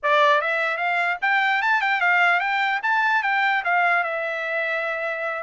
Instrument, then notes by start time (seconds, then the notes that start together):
trumpet
0.02 D5
0.41 E5
0.77 F5
1.21 G5
1.62 A5
1.81 G5
2.00 F5
2.39 G5
2.82 A5
3.22 G5
3.64 F5
4.03 E5